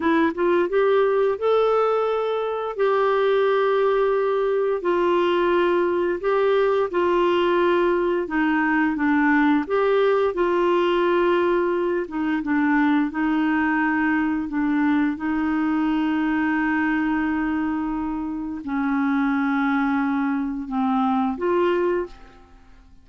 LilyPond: \new Staff \with { instrumentName = "clarinet" } { \time 4/4 \tempo 4 = 87 e'8 f'8 g'4 a'2 | g'2. f'4~ | f'4 g'4 f'2 | dis'4 d'4 g'4 f'4~ |
f'4. dis'8 d'4 dis'4~ | dis'4 d'4 dis'2~ | dis'2. cis'4~ | cis'2 c'4 f'4 | }